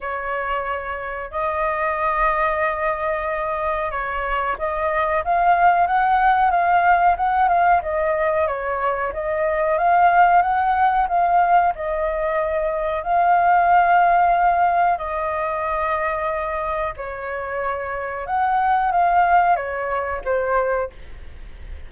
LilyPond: \new Staff \with { instrumentName = "flute" } { \time 4/4 \tempo 4 = 92 cis''2 dis''2~ | dis''2 cis''4 dis''4 | f''4 fis''4 f''4 fis''8 f''8 | dis''4 cis''4 dis''4 f''4 |
fis''4 f''4 dis''2 | f''2. dis''4~ | dis''2 cis''2 | fis''4 f''4 cis''4 c''4 | }